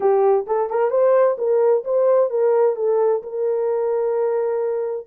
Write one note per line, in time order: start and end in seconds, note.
0.00 0.46 G4
0.46 0.69 A4
0.69 0.90 A#4
0.90 1.36 C5
1.38 1.84 A#4
1.84 2.30 C5
2.30 2.76 A#4
2.76 3.22 A4
3.22 5.06 A#4